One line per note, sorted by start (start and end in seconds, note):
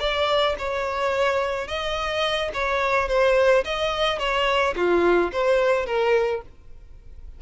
0.00 0.56 D5
0.58 1.68 C#5
1.68 2.51 D#5
2.54 3.08 C#5
3.08 3.64 C5
3.64 4.19 D#5
4.19 4.74 C#5
4.76 5.32 F4
5.32 5.86 C5
5.86 6.41 A#4